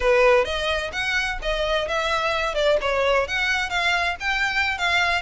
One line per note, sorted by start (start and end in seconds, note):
0.00 0.44 B4
0.44 0.91 D#5
0.92 1.38 F#5
1.42 1.88 D#5
1.88 2.54 E5
2.54 2.77 D5
2.81 3.27 C#5
3.27 3.69 F#5
3.69 4.16 F5
4.19 4.78 G5
4.78 5.21 F5